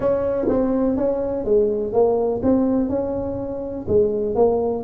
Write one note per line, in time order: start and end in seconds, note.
0.00 0.47 C#4
0.48 0.96 C4
0.96 1.45 C#4
1.45 1.92 G#3
1.92 2.41 A#3
2.42 2.89 C4
2.89 3.86 C#4
3.88 4.35 G#3
4.35 4.83 A#3